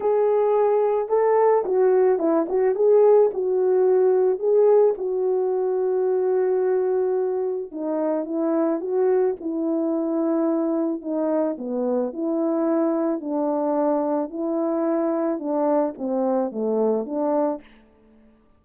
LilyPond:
\new Staff \with { instrumentName = "horn" } { \time 4/4 \tempo 4 = 109 gis'2 a'4 fis'4 | e'8 fis'8 gis'4 fis'2 | gis'4 fis'2.~ | fis'2 dis'4 e'4 |
fis'4 e'2. | dis'4 b4 e'2 | d'2 e'2 | d'4 c'4 a4 d'4 | }